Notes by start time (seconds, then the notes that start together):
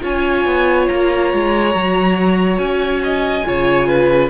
0.00 C#4 F4 C#5 G#5
0.45 B3
0.88 A#3 A#5
1.33 G#3
1.74 F#3 F#4
2.58 C#4 G#5
3.03 D#5
3.44 C#3 F4 C#5
3.87 B4